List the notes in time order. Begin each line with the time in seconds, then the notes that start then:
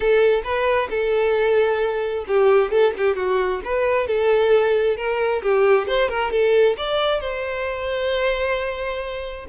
0.00 A4
0.43 B4
0.90 A4
2.27 G4
2.71 A4
2.97 G4
3.16 F#4
3.64 B4
4.07 A4
4.96 A#4
5.42 G4
5.87 C5
6.08 A#4
6.31 A4
6.77 D5
7.20 C5